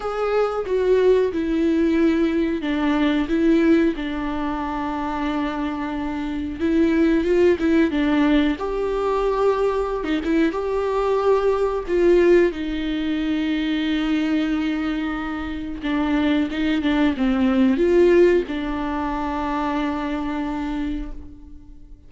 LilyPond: \new Staff \with { instrumentName = "viola" } { \time 4/4 \tempo 4 = 91 gis'4 fis'4 e'2 | d'4 e'4 d'2~ | d'2 e'4 f'8 e'8 | d'4 g'2~ g'16 dis'16 e'8 |
g'2 f'4 dis'4~ | dis'1 | d'4 dis'8 d'8 c'4 f'4 | d'1 | }